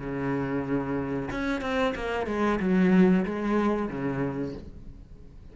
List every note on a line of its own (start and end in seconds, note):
0.00 1.30 C#3
1.31 1.62 C#4
1.62 1.94 C4
1.95 2.27 A#3
2.27 2.59 G#3
2.60 3.25 F#3
3.25 3.89 G#3
3.89 4.54 C#3